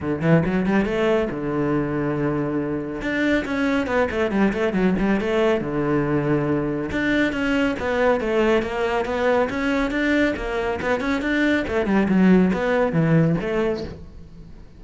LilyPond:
\new Staff \with { instrumentName = "cello" } { \time 4/4 \tempo 4 = 139 d8 e8 fis8 g8 a4 d4~ | d2. d'4 | cis'4 b8 a8 g8 a8 fis8 g8 | a4 d2. |
d'4 cis'4 b4 a4 | ais4 b4 cis'4 d'4 | ais4 b8 cis'8 d'4 a8 g8 | fis4 b4 e4 a4 | }